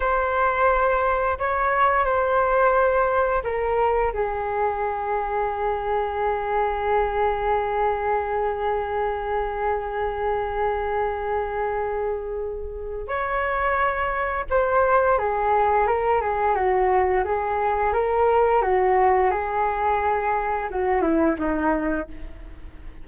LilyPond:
\new Staff \with { instrumentName = "flute" } { \time 4/4 \tempo 4 = 87 c''2 cis''4 c''4~ | c''4 ais'4 gis'2~ | gis'1~ | gis'1~ |
gis'2. cis''4~ | cis''4 c''4 gis'4 ais'8 gis'8 | fis'4 gis'4 ais'4 fis'4 | gis'2 fis'8 e'8 dis'4 | }